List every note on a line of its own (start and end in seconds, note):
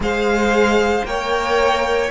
0.00 1.02 G#3
0.00 1.06 G#4
0.00 1.07 C5
0.00 1.05 F5
1.05 2.10 A#3
1.05 2.11 A#4
1.05 2.11 C#5
1.05 2.10 G5